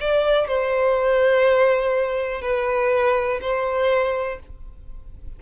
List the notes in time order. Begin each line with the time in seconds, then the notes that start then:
0.00 D5
0.47 C5
2.41 B4
3.41 C5